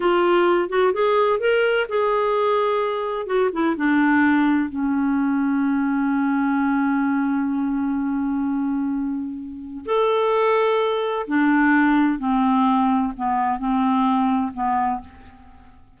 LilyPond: \new Staff \with { instrumentName = "clarinet" } { \time 4/4 \tempo 4 = 128 f'4. fis'8 gis'4 ais'4 | gis'2. fis'8 e'8 | d'2 cis'2~ | cis'1~ |
cis'1~ | cis'4 a'2. | d'2 c'2 | b4 c'2 b4 | }